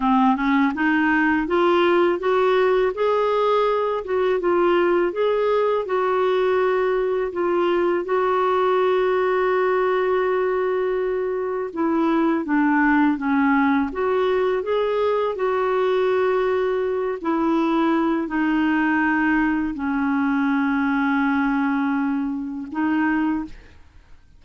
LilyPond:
\new Staff \with { instrumentName = "clarinet" } { \time 4/4 \tempo 4 = 82 c'8 cis'8 dis'4 f'4 fis'4 | gis'4. fis'8 f'4 gis'4 | fis'2 f'4 fis'4~ | fis'1 |
e'4 d'4 cis'4 fis'4 | gis'4 fis'2~ fis'8 e'8~ | e'4 dis'2 cis'4~ | cis'2. dis'4 | }